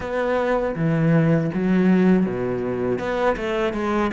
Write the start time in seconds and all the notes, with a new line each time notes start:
0.00 B3
0.75 E3
1.53 F#3
2.25 B2
2.98 B3
3.36 A3
3.73 G#3